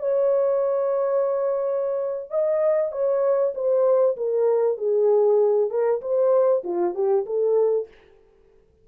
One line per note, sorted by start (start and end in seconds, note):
0.00 2.31 C#5
2.31 2.92 D#5
2.92 3.54 C#5
3.55 4.17 C5
4.17 4.78 A#4
4.78 5.70 G#4
5.70 6.01 A#4
6.02 6.64 C5
6.64 6.95 F4
6.95 7.26 G4
7.26 7.88 A4